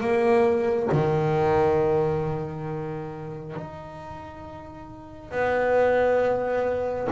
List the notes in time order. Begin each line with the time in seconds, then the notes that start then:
0.00 A#3
0.91 D#3
3.55 D#4
5.31 B3